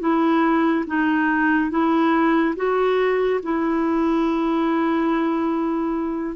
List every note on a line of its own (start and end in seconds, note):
0.00 0.85 E4
0.86 1.70 D#4
1.70 2.55 E4
2.56 3.40 F#4
3.43 6.36 E4